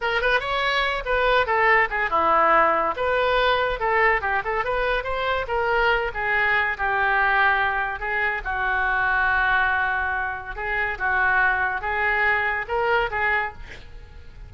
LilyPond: \new Staff \with { instrumentName = "oboe" } { \time 4/4 \tempo 4 = 142 ais'8 b'8 cis''4. b'4 a'8~ | a'8 gis'8 e'2 b'4~ | b'4 a'4 g'8 a'8 b'4 | c''4 ais'4. gis'4. |
g'2. gis'4 | fis'1~ | fis'4 gis'4 fis'2 | gis'2 ais'4 gis'4 | }